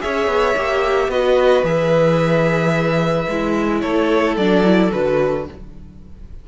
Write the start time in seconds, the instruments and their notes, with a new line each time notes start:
0.00 cello C#4, viola G#4, violin C#5 E5
0.27 cello B3
0.56 cello A#3, viola G4
1.08 cello B3, viola F#4, violin B4 D#5
1.63 cello E3, viola G#4, violin E5
3.28 cello G#3, viola E4
3.81 cello A3, violin A4 C#5
4.36 cello F#3, viola D4, violin D5
4.64 viola E4
4.90 cello D3, viola F#4, violin B4